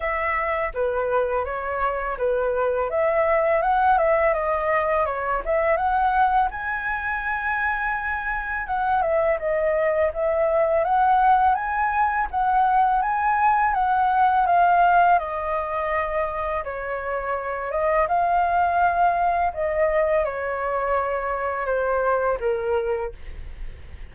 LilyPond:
\new Staff \with { instrumentName = "flute" } { \time 4/4 \tempo 4 = 83 e''4 b'4 cis''4 b'4 | e''4 fis''8 e''8 dis''4 cis''8 e''8 | fis''4 gis''2. | fis''8 e''8 dis''4 e''4 fis''4 |
gis''4 fis''4 gis''4 fis''4 | f''4 dis''2 cis''4~ | cis''8 dis''8 f''2 dis''4 | cis''2 c''4 ais'4 | }